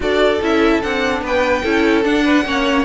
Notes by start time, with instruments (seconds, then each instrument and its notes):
0.00 cello D4, viola F#4, violin A4 D5
0.41 cello C#4, viola E4, violin E5
0.82 cello C4, viola D4, violin F#5
1.21 cello B3, violin B4 G5
1.62 cello C#4, viola E4, violin A4
2.03 viola D4, cello D4, violin F#5
2.24 violin B4
2.44 cello A#3, viola C#4, violin C#5